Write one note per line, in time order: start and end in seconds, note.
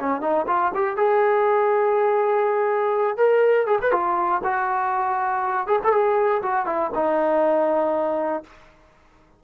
0.00 0.21 C#4
0.21 0.46 D#4
0.47 0.72 F4
0.75 0.97 G4
0.97 3.17 G#4
3.17 3.67 A#4
3.67 3.79 G#4
3.82 3.92 B4
3.92 4.42 F4
4.44 5.67 F#4
5.67 5.79 G#4
5.84 5.92 A4
5.92 6.42 G#4
6.42 6.66 F#4
6.66 6.91 E4
6.95 8.43 D#4